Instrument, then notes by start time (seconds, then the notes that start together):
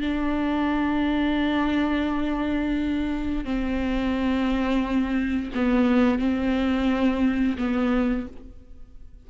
viola
0.00 D4
3.45 C4
5.54 B3
6.19 C4
7.58 B3